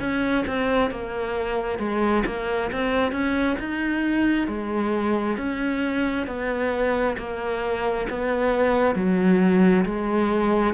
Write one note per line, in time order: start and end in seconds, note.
0.00 0.45 C#4
0.46 0.91 C4
0.91 1.79 A#3
1.79 2.23 G#3
2.26 2.71 A#3
2.72 3.12 C4
3.12 3.57 C#4
3.59 4.47 D#4
4.47 5.37 G#3
5.37 6.27 C#4
6.27 7.16 B3
7.18 8.07 A#3
8.10 8.95 B3
8.95 9.85 F#3
9.85 10.74 G#3